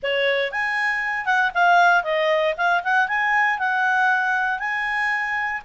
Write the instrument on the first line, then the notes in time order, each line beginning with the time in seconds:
clarinet
0.03 C#5
0.51 G#5
1.25 F#5
1.54 F5
2.03 D#5
2.57 F5
2.83 F#5
3.08 G#5
3.59 F#5
4.59 G#5